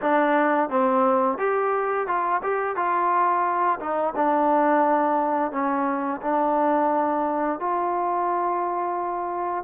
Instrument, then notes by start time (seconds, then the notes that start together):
trombone
0.01 D4
0.69 C4
1.38 G4
2.07 F4
2.42 G4
2.76 F4
3.79 D#4
4.15 D4
5.51 C#4
6.21 D4
7.59 F4